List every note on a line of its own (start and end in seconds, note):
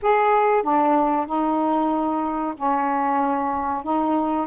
0.02 0.62 G#4
0.62 1.26 D4
1.26 2.54 D#4
2.56 3.83 C#4
3.83 4.47 D#4